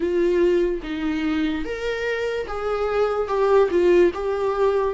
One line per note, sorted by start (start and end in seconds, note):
0.00 0.81 F4
0.82 1.64 D#4
1.64 2.47 A#4
2.47 3.28 G#4
3.28 3.69 G4
3.70 4.11 F4
4.14 4.94 G4